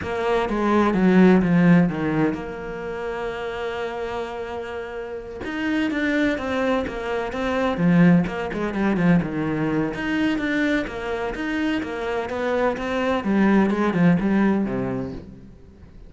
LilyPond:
\new Staff \with { instrumentName = "cello" } { \time 4/4 \tempo 4 = 127 ais4 gis4 fis4 f4 | dis4 ais2.~ | ais2.~ ais8 dis'8~ | dis'8 d'4 c'4 ais4 c'8~ |
c'8 f4 ais8 gis8 g8 f8 dis8~ | dis4 dis'4 d'4 ais4 | dis'4 ais4 b4 c'4 | g4 gis8 f8 g4 c4 | }